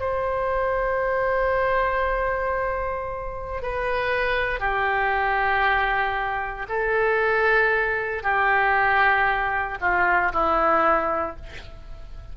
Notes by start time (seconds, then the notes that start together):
0.00 C5
3.62 B4
4.59 G4
6.69 A4
8.23 G4
9.80 F4
10.33 E4